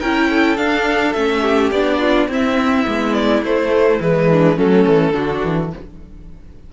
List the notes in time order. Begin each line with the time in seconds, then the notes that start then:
0.00 C#4 E4 A#4 G5
0.29 A4
0.57 D4 F5
1.12 A3 C#4 E5
1.42 G4
1.71 B3 D4 D5
1.99 F4
2.28 C4 E4 E5
2.85 G#3 B3
3.14 D5
3.42 A3 C5
4.00 E3 G#3 B4
4.30 D4
4.56 F#3 A3 C#4 A4
4.86 E3
5.12 D3 D4 F#4
5.44 E3